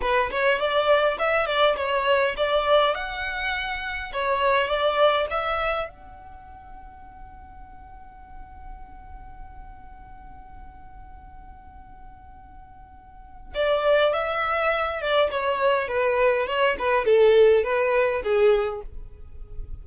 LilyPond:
\new Staff \with { instrumentName = "violin" } { \time 4/4 \tempo 4 = 102 b'8 cis''8 d''4 e''8 d''8 cis''4 | d''4 fis''2 cis''4 | d''4 e''4 fis''2~ | fis''1~ |
fis''1~ | fis''2. d''4 | e''4. d''8 cis''4 b'4 | cis''8 b'8 a'4 b'4 gis'4 | }